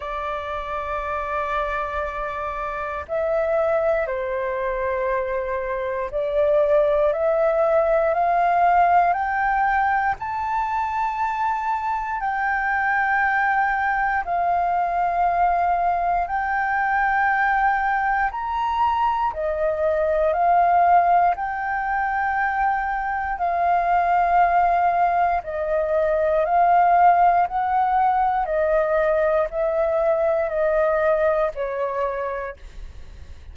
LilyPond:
\new Staff \with { instrumentName = "flute" } { \time 4/4 \tempo 4 = 59 d''2. e''4 | c''2 d''4 e''4 | f''4 g''4 a''2 | g''2 f''2 |
g''2 ais''4 dis''4 | f''4 g''2 f''4~ | f''4 dis''4 f''4 fis''4 | dis''4 e''4 dis''4 cis''4 | }